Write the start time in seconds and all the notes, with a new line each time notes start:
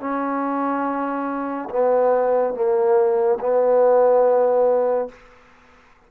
0.00 C#4
1.70 B3
2.54 A#3
3.40 B3